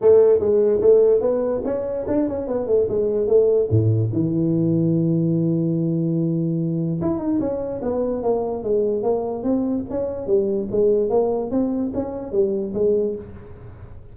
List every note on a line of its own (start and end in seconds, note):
0.01 0.39 A3
0.39 0.80 G#3
0.81 1.20 A3
1.20 1.62 B3
1.64 2.05 C#4
2.07 2.28 D4
2.28 2.47 C#4
2.47 2.66 B3
2.66 2.87 A3
2.88 3.27 G#3
3.27 3.68 A3
3.70 4.11 A2
4.12 7.00 E3
7.01 7.18 E4
7.18 7.39 D#4
7.40 7.81 C#4
7.82 8.22 B3
8.22 8.63 A#3
8.63 9.03 G#3
9.03 9.43 A#3
9.43 9.84 C4
9.89 10.26 C#4
10.26 10.68 G3
10.71 11.09 G#3
11.09 11.50 A#3
11.50 11.91 C4
11.94 12.32 C#4
12.32 12.73 G3
12.74 13.15 G#3